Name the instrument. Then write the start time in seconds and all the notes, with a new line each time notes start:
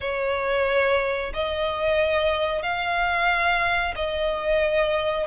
violin
0.00 C#5
1.33 D#5
2.62 F5
3.95 D#5